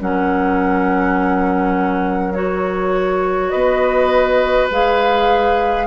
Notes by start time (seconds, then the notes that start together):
0.00 F#3 C#4 A#4 F#5
2.34 F#4 C#5
3.50 B3 B4 D#5
4.70 G#3 G#4 F5